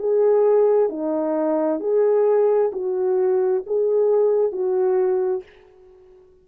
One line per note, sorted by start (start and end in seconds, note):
0.00 0.90 G#4
0.90 1.81 D#4
1.81 2.71 G#4
2.73 3.64 F#4
3.67 4.52 G#4
4.52 5.43 F#4